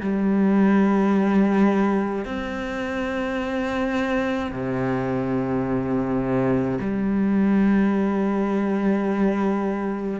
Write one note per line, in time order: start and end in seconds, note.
0.00 2.24 G3
2.24 4.51 C4
4.51 6.78 C3
6.80 10.20 G3